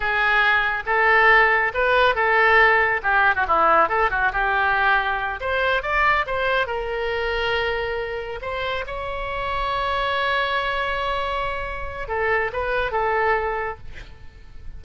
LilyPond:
\new Staff \with { instrumentName = "oboe" } { \time 4/4 \tempo 4 = 139 gis'2 a'2 | b'4 a'2 g'8. fis'16 | e'4 a'8 fis'8 g'2~ | g'8 c''4 d''4 c''4 ais'8~ |
ais'2.~ ais'8 c''8~ | c''8 cis''2.~ cis''8~ | cis''1 | a'4 b'4 a'2 | }